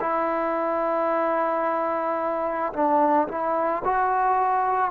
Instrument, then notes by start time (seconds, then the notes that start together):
trombone
0.00 E4
2.73 D4
3.28 E4
3.84 F#4